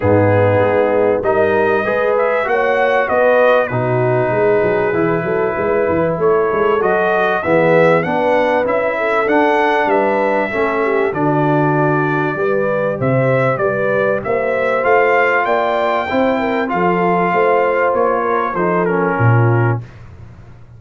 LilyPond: <<
  \new Staff \with { instrumentName = "trumpet" } { \time 4/4 \tempo 4 = 97 gis'2 dis''4. e''8 | fis''4 dis''4 b'2~ | b'2 cis''4 dis''4 | e''4 fis''4 e''4 fis''4 |
e''2 d''2~ | d''4 e''4 d''4 e''4 | f''4 g''2 f''4~ | f''4 cis''4 c''8 ais'4. | }
  \new Staff \with { instrumentName = "horn" } { \time 4/4 dis'2 ais'4 b'4 | cis''4 b'4 fis'4 gis'4~ | gis'8 a'8 b'4 a'2 | gis'4 b'4. a'4. |
b'4 a'8 g'8 fis'2 | b'4 c''4 b'4 c''4~ | c''4 d''4 c''8 ais'8 a'4 | c''4. ais'8 a'4 f'4 | }
  \new Staff \with { instrumentName = "trombone" } { \time 4/4 b2 dis'4 gis'4 | fis'2 dis'2 | e'2. fis'4 | b4 d'4 e'4 d'4~ |
d'4 cis'4 d'2 | g'1 | f'2 e'4 f'4~ | f'2 dis'8 cis'4. | }
  \new Staff \with { instrumentName = "tuba" } { \time 4/4 gis,4 gis4 g4 gis4 | ais4 b4 b,4 gis8 fis8 | e8 fis8 gis8 e8 a8 gis8 fis4 | e4 b4 cis'4 d'4 |
g4 a4 d2 | g4 c4 g4 ais4 | a4 ais4 c'4 f4 | a4 ais4 f4 ais,4 | }
>>